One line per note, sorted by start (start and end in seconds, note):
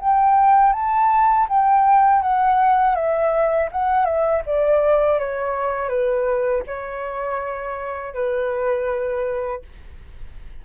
0.00 0.73 G5
0.73 1.47 A5
1.48 2.22 G5
2.22 2.95 F#5
2.95 3.69 E5
3.72 4.05 F#5
4.05 4.42 E5
4.46 5.19 D5
5.19 5.89 C#5
5.89 6.63 B4
6.67 8.14 C#5
8.14 9.62 B4